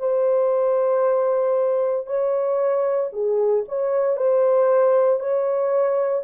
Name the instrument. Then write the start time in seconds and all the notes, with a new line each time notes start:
horn
0.00 C5
2.07 C#5
3.13 G#4
3.69 C#5
4.17 C5
5.20 C#5